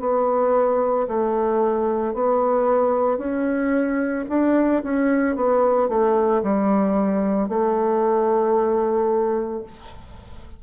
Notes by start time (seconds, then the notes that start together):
0.00 B3
1.08 A3
2.14 B3
3.18 C#4
4.29 D4
4.84 C#4
5.36 B3
5.89 A3
6.43 G3
7.49 A3